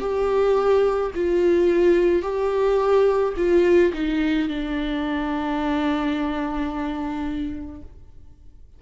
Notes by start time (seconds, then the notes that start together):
0.00 G4
1.15 F4
2.22 G4
3.37 F4
3.93 D#4
4.48 D4